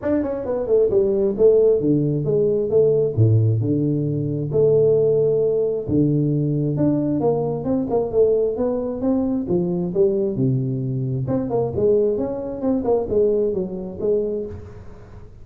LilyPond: \new Staff \with { instrumentName = "tuba" } { \time 4/4 \tempo 4 = 133 d'8 cis'8 b8 a8 g4 a4 | d4 gis4 a4 a,4 | d2 a2~ | a4 d2 d'4 |
ais4 c'8 ais8 a4 b4 | c'4 f4 g4 c4~ | c4 c'8 ais8 gis4 cis'4 | c'8 ais8 gis4 fis4 gis4 | }